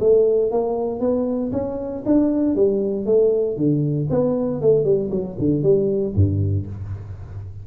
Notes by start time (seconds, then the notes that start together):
0.00 A3
0.51 A#3
1.00 B3
1.52 C#4
2.06 D4
2.55 G3
3.06 A3
3.57 D3
4.10 B3
4.61 A3
4.84 G3
5.11 F#3
5.38 D3
5.62 G3
6.15 G2